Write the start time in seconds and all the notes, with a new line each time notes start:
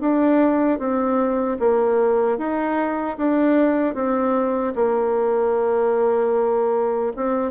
0.00 D4
0.79 C4
1.59 A#3
2.38 D#4
3.17 D4
3.94 C4
4.75 A#3
7.16 C4